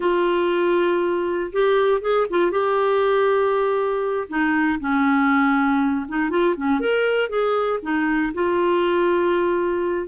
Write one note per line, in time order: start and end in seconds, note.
0.00 1.51 F4
1.52 2.01 G4
2.01 2.26 G#4
2.29 2.51 F4
2.51 4.27 G4
4.28 4.79 D#4
4.80 6.06 C#4
6.08 6.29 D#4
6.29 6.55 F4
6.56 6.80 C#4
6.80 7.29 A#4
7.29 7.79 G#4
7.82 8.32 D#4
8.34 10.07 F4